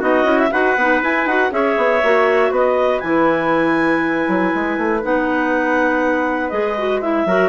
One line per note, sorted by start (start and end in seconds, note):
0.00 0.24 B3
0.00 0.25 D#4
0.00 0.50 F#4
0.00 0.40 D#5
0.24 0.49 C#4
0.24 0.50 E4
0.40 0.52 E5
0.52 0.77 D#4
0.52 0.77 F#4
0.52 1.52 B4
0.52 1.02 F#5
0.77 1.02 B3
0.77 1.03 D#4
1.03 1.28 E4
1.03 1.26 E4
1.03 1.27 G#5
1.26 1.51 D#4
1.26 1.51 F#4
1.26 1.52 F#5
1.51 1.76 C#4
1.51 2.01 G#4
1.51 2.51 C#5
1.51 2.53 E5
1.77 2.02 B3
2.03 2.51 A#3
2.03 3.04 F#4
2.51 3.01 B3
2.51 7.26 B4
2.51 3.00 D#5
3.00 4.28 E3
3.00 5.03 E4
3.00 5.00 G#5
4.28 4.53 F#3
4.55 4.78 G#3
4.78 5.03 A3
5.03 6.52 B3
5.03 6.52 D#4
5.03 6.50 F#5
6.50 7.26 G#3
6.50 6.77 G#4
6.50 7.00 D#5
6.79 7.02 F#4
7.01 7.27 E4
7.01 7.50 E5
7.26 7.50 F#3
7.26 7.50 F#4
7.26 7.50 A#4